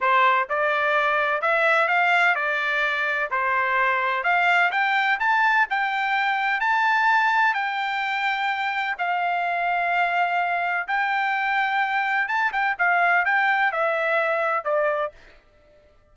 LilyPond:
\new Staff \with { instrumentName = "trumpet" } { \time 4/4 \tempo 4 = 127 c''4 d''2 e''4 | f''4 d''2 c''4~ | c''4 f''4 g''4 a''4 | g''2 a''2 |
g''2. f''4~ | f''2. g''4~ | g''2 a''8 g''8 f''4 | g''4 e''2 d''4 | }